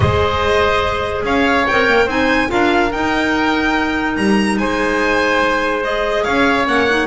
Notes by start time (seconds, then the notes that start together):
0.00 G#3 G#4 C5 D#5
1.23 C#4 C#5 F5
1.67 C4 A#4 G5
1.88 A#3
2.05 C4 D#4 C5 G#5
2.47 D4 F4 A#4 F5
2.92 D#4 G5
4.16 G3 A#5
4.57 G#3 C5 G#5
5.82 G#4 D#5
6.23 C#4 C#5 F5
6.65 A#3 C#4 F#5
6.89 D#4